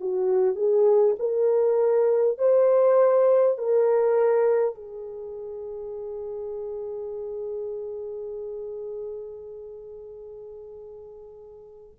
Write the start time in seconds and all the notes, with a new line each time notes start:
0.00 F#4
0.55 G#4
1.19 A#4
2.38 C5
3.57 A#4
4.75 G#4